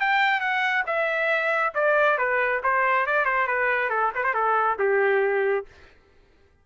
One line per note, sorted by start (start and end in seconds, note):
0.00 0.40 G5
0.40 0.84 F#5
0.86 1.73 E5
1.74 2.18 D5
2.18 2.61 B4
2.63 3.06 C5
3.06 3.25 D5
3.25 3.47 C5
3.47 3.90 B4
3.90 4.11 A4
4.15 4.24 B4
4.24 4.34 C5
4.34 4.77 A4
4.79 5.66 G4